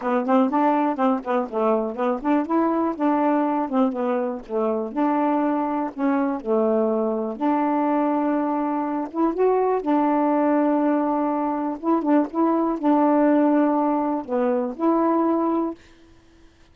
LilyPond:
\new Staff \with { instrumentName = "saxophone" } { \time 4/4 \tempo 4 = 122 b8 c'8 d'4 c'8 b8 a4 | b8 d'8 e'4 d'4. c'8 | b4 a4 d'2 | cis'4 a2 d'4~ |
d'2~ d'8 e'8 fis'4 | d'1 | e'8 d'8 e'4 d'2~ | d'4 b4 e'2 | }